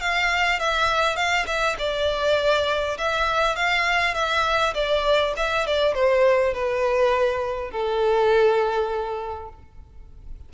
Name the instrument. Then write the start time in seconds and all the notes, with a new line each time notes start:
violin
0.00 F5
0.60 E5
1.16 F5
1.47 E5
1.79 D5
2.98 E5
3.56 F5
4.14 E5
4.74 D5
5.37 E5
5.67 D5
5.94 C5
6.54 B4
7.71 A4